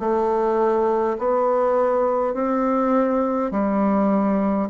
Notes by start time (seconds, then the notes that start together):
0.00 A3
1.19 B3
2.34 C4
3.52 G3